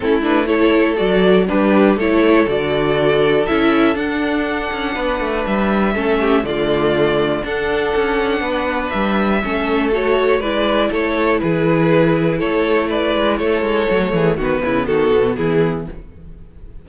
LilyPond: <<
  \new Staff \with { instrumentName = "violin" } { \time 4/4 \tempo 4 = 121 a'8 b'8 cis''4 d''4 b'4 | cis''4 d''2 e''4 | fis''2. e''4~ | e''4 d''2 fis''4~ |
fis''2 e''2 | cis''4 d''4 cis''4 b'4~ | b'4 cis''4 d''4 cis''4~ | cis''4 b'4 a'4 gis'4 | }
  \new Staff \with { instrumentName = "violin" } { \time 4/4 e'4 a'2 d'4 | a'1~ | a'2 b'2 | a'8 g'8 f'2 a'4~ |
a'4 b'2 a'4~ | a'4 b'4 a'4 gis'4~ | gis'4 a'4 b'4 a'4~ | a'8 gis'8 fis'8 e'8 fis'4 e'4 | }
  \new Staff \with { instrumentName = "viola" } { \time 4/4 cis'8 d'8 e'4 fis'4 g'4 | e'4 fis'2 e'4 | d'1 | cis'4 a2 d'4~ |
d'2. cis'4 | fis'4 e'2.~ | e'1 | a4 b2. | }
  \new Staff \with { instrumentName = "cello" } { \time 4/4 a2 fis4 g4 | a4 d2 cis'4 | d'4. cis'8 b8 a8 g4 | a4 d2 d'4 |
cis'4 b4 g4 a4~ | a4 gis4 a4 e4~ | e4 a4. gis8 a8 gis8 | fis8 e8 dis8 cis8 dis8 b,8 e4 | }
>>